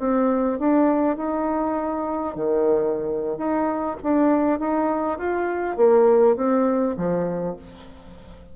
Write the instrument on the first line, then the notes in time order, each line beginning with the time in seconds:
bassoon
0.00 C4
0.60 D4
1.17 D#4
2.36 D#3
3.38 D#4
4.04 D4
4.60 D#4
5.19 F4
5.77 A#3
6.37 C4
6.97 F3